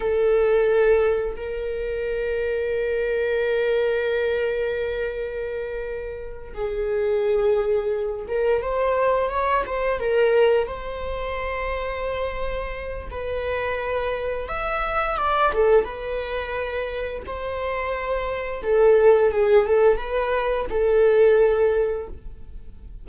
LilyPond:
\new Staff \with { instrumentName = "viola" } { \time 4/4 \tempo 4 = 87 a'2 ais'2~ | ais'1~ | ais'4. gis'2~ gis'8 | ais'8 c''4 cis''8 c''8 ais'4 c''8~ |
c''2. b'4~ | b'4 e''4 d''8 a'8 b'4~ | b'4 c''2 a'4 | gis'8 a'8 b'4 a'2 | }